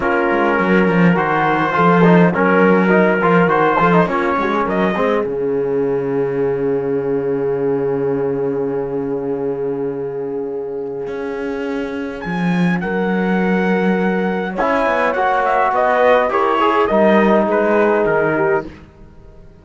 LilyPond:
<<
  \new Staff \with { instrumentName = "trumpet" } { \time 4/4 \tempo 4 = 103 ais'2 c''2 | ais'2 c''4 cis''4 | dis''4 f''2.~ | f''1~ |
f''1~ | f''4 gis''4 fis''2~ | fis''4 gis''4 fis''8 e''8 dis''4 | cis''4 dis''4 b'4 ais'4 | }
  \new Staff \with { instrumentName = "horn" } { \time 4/4 f'4 ais'2 a'4 | ais'2~ ais'8 a'8 f'8 fis'16 gis'16 | ais'8 gis'2.~ gis'8~ | gis'1~ |
gis'1~ | gis'2 ais'2~ | ais'4 cis''2 b'4 | ais'8 gis'8 ais'4 gis'4. g'8 | }
  \new Staff \with { instrumentName = "trombone" } { \time 4/4 cis'2 fis'4 f'8 dis'8 | cis'4 dis'8 f'8 fis'8 f'16 dis'16 cis'4~ | cis'8 c'8 cis'2.~ | cis'1~ |
cis'1~ | cis'1~ | cis'4 e'4 fis'2 | g'8 gis'8 dis'2. | }
  \new Staff \with { instrumentName = "cello" } { \time 4/4 ais8 gis8 fis8 f8 dis4 f4 | fis4. f8 dis8 f8 ais8 gis8 | fis8 gis8 cis2.~ | cis1~ |
cis2. cis'4~ | cis'4 f4 fis2~ | fis4 cis'8 b8 ais4 b4 | e'4 g4 gis4 dis4 | }
>>